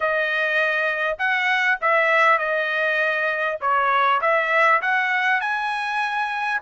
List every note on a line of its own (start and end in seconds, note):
0.00 1.17 D#5
1.18 1.78 F#5
1.81 2.38 E5
2.38 3.58 D#5
3.60 4.20 C#5
4.21 4.81 E5
4.81 5.40 F#5
5.40 6.60 G#5